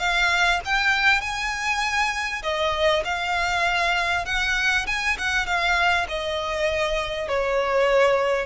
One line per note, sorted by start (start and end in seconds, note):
0.00 0.61 F5
0.66 1.21 G5
1.21 2.43 G#5
2.43 3.04 D#5
3.05 4.26 F5
4.26 4.87 F#5
4.87 5.17 G#5
5.19 5.47 F#5
5.47 6.07 F5
6.09 7.29 D#5
7.29 8.46 C#5